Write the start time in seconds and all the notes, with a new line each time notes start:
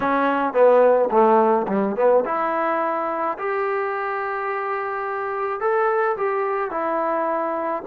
0.00 C#4
0.53 B3
1.11 A3
1.67 G3
1.95 B3
2.25 E4
3.38 G4
5.60 A4
6.16 G4
6.70 E4